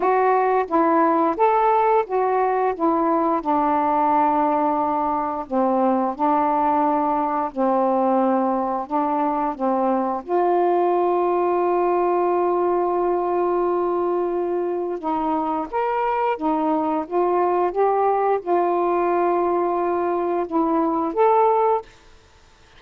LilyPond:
\new Staff \with { instrumentName = "saxophone" } { \time 4/4 \tempo 4 = 88 fis'4 e'4 a'4 fis'4 | e'4 d'2. | c'4 d'2 c'4~ | c'4 d'4 c'4 f'4~ |
f'1~ | f'2 dis'4 ais'4 | dis'4 f'4 g'4 f'4~ | f'2 e'4 a'4 | }